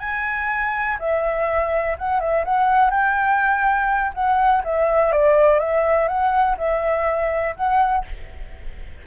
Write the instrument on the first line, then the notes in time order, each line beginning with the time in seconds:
flute
0.00 G#5
1.00 E5
1.98 F#5
2.20 E5
2.45 F#5
2.91 G5
4.14 F#5
4.64 E5
5.12 D5
5.59 E5
6.08 F#5
6.58 E5
7.56 F#5